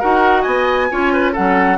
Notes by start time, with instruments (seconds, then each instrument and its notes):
0.00 bassoon D#4, clarinet F#4, oboe A#4, flute F#5
0.42 bassoon B3, oboe D#5, flute G#5
0.91 bassoon C#4, clarinet F4, oboe C#5
1.14 oboe B4
1.33 bassoon F#3, clarinet C#4, oboe A4, flute F#5